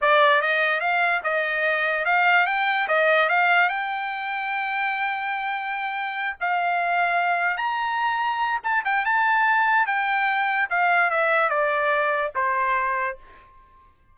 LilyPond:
\new Staff \with { instrumentName = "trumpet" } { \time 4/4 \tempo 4 = 146 d''4 dis''4 f''4 dis''4~ | dis''4 f''4 g''4 dis''4 | f''4 g''2.~ | g''2.~ g''8 f''8~ |
f''2~ f''8 ais''4.~ | ais''4 a''8 g''8 a''2 | g''2 f''4 e''4 | d''2 c''2 | }